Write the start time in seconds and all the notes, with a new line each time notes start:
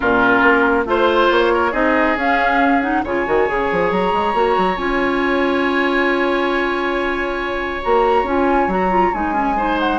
0.00 A#2 C#4 F4 A#4
0.42 A#3
0.85 A3 F4 C5
1.31 A#3 C#5
1.53 A#4
1.71 C4 D#4 G#4 D#5
2.16 C#4 F5
2.81 D#4 F#5
3.03 C#3 F4 C#5 G#5
3.26 D#3 F#4
3.47 C#3 G#4
3.71 F3
3.91 F#3 A#5
4.13 G#3
4.33 A#3 F#4
4.57 F#3
4.76 C#4 F4 G#5
7.82 A#3 F#4 A#5
8.23 C#4 F4 G#5
8.67 F#3 F#4 A#5
8.90 F4
9.13 G#3 D#4 G#5
9.33 C#4
9.56 D#4 C5
9.79 F#5